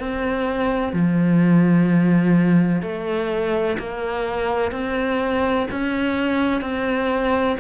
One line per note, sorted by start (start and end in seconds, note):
0.00 0.94 C4
0.94 2.82 F3
2.82 3.77 A3
3.79 4.72 A#3
4.72 5.67 C4
5.72 6.61 C#4
6.61 7.57 C4